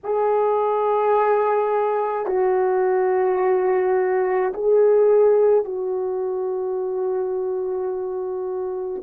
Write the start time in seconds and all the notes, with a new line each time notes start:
0.03 G#4
2.26 F#4
4.53 G#4
5.64 F#4